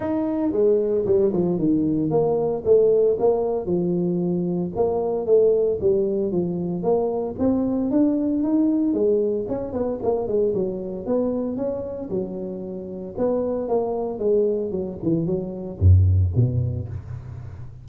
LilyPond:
\new Staff \with { instrumentName = "tuba" } { \time 4/4 \tempo 4 = 114 dis'4 gis4 g8 f8 dis4 | ais4 a4 ais4 f4~ | f4 ais4 a4 g4 | f4 ais4 c'4 d'4 |
dis'4 gis4 cis'8 b8 ais8 gis8 | fis4 b4 cis'4 fis4~ | fis4 b4 ais4 gis4 | fis8 e8 fis4 fis,4 b,4 | }